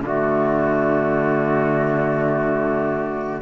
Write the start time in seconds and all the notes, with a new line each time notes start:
0.00 D3 A3 F#4 D5